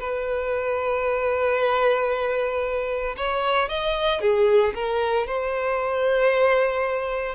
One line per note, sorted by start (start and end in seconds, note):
0.00 3.16 B4
3.17 3.68 C#5
3.68 4.21 D#5
4.21 4.74 G#4
4.75 5.27 A#4
5.27 7.35 C5